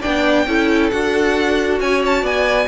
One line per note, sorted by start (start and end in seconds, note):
0.00 0.47 B3
0.00 0.46 D4
0.00 0.44 D5
0.00 0.90 G5
0.47 0.91 C#4
0.47 0.92 E4
0.47 1.80 A4
0.90 1.80 D4
0.90 2.68 F#4
0.90 1.79 F#5
1.80 2.23 C#4
1.80 2.22 C#5
1.80 2.03 G#5
2.06 2.26 A5
2.22 2.67 B3
2.22 2.67 D5
2.22 2.68 G#5